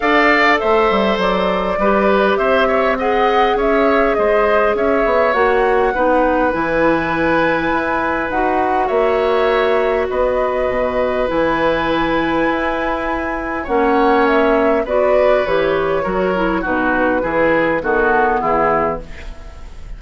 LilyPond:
<<
  \new Staff \with { instrumentName = "flute" } { \time 4/4 \tempo 4 = 101 f''4 e''4 d''2 | e''4 fis''4 e''4 dis''4 | e''4 fis''2 gis''4~ | gis''2 fis''4 e''4~ |
e''4 dis''2 gis''4~ | gis''2. fis''4 | e''4 d''4 cis''2 | b'2 a'4 gis'4 | }
  \new Staff \with { instrumentName = "oboe" } { \time 4/4 d''4 c''2 b'4 | c''8 cis''8 dis''4 cis''4 c''4 | cis''2 b'2~ | b'2. cis''4~ |
cis''4 b'2.~ | b'2. cis''4~ | cis''4 b'2 ais'4 | fis'4 gis'4 fis'4 e'4 | }
  \new Staff \with { instrumentName = "clarinet" } { \time 4/4 a'2. g'4~ | g'4 gis'2.~ | gis'4 fis'4 dis'4 e'4~ | e'2 fis'2~ |
fis'2. e'4~ | e'2. cis'4~ | cis'4 fis'4 g'4 fis'8 e'8 | dis'4 e'4 b2 | }
  \new Staff \with { instrumentName = "bassoon" } { \time 4/4 d'4 a8 g8 fis4 g4 | c'2 cis'4 gis4 | cis'8 b8 ais4 b4 e4~ | e4 e'4 dis'4 ais4~ |
ais4 b4 b,4 e4~ | e4 e'2 ais4~ | ais4 b4 e4 fis4 | b,4 e4 dis4 e4 | }
>>